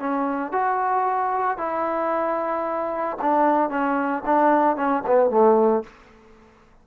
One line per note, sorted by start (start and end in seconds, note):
0.00 0.52 C#4
0.52 1.58 F#4
1.58 3.17 E4
3.22 3.70 D4
3.70 4.23 C#4
4.26 4.77 D4
4.77 5.03 C#4
5.07 5.30 B3
5.30 5.84 A3